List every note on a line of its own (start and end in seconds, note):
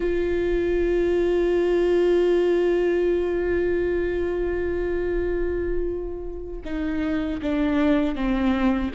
0.00 6.60 F4
6.65 7.41 D#4
7.42 8.15 D4
8.15 8.91 C4